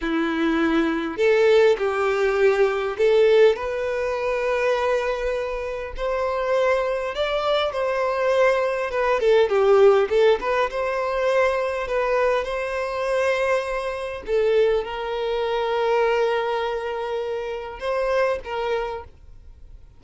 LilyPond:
\new Staff \with { instrumentName = "violin" } { \time 4/4 \tempo 4 = 101 e'2 a'4 g'4~ | g'4 a'4 b'2~ | b'2 c''2 | d''4 c''2 b'8 a'8 |
g'4 a'8 b'8 c''2 | b'4 c''2. | a'4 ais'2.~ | ais'2 c''4 ais'4 | }